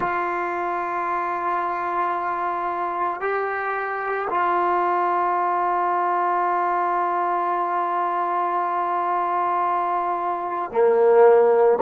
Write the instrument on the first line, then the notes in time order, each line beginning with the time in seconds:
trombone
0.00 F4
3.20 G4
4.30 F4
10.71 A#3